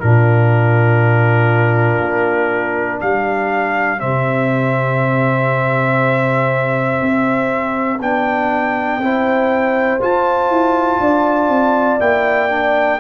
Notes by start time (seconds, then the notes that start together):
0.00 A#2 D4 F4 A#4
1.99 A#3
3.00 G3 G4 F5
3.98 C3 C4 E5
7.01 C4
8.00 B3 D4 G5
8.98 C4 E4 C5
10.00 F4 A5
10.49 E4
11.00 D4 D5
11.49 C4
12.00 A#3 E4 G5
12.49 D4